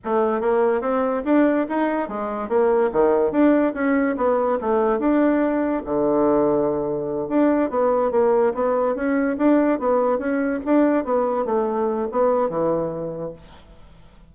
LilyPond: \new Staff \with { instrumentName = "bassoon" } { \time 4/4 \tempo 4 = 144 a4 ais4 c'4 d'4 | dis'4 gis4 ais4 dis4 | d'4 cis'4 b4 a4 | d'2 d2~ |
d4. d'4 b4 ais8~ | ais8 b4 cis'4 d'4 b8~ | b8 cis'4 d'4 b4 a8~ | a4 b4 e2 | }